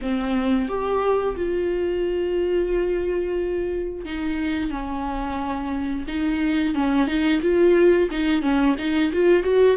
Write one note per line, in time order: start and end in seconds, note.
0.01 0.68 C4
0.68 1.35 G4
1.36 4.04 F4
4.04 4.70 D#4
4.70 6.05 C#4
6.07 6.74 D#4
6.74 7.07 C#4
7.07 7.40 D#4
7.42 8.09 F4
8.10 8.41 D#4
8.41 8.75 C#4
8.78 9.12 D#4
9.13 9.43 F4
9.43 9.77 F#4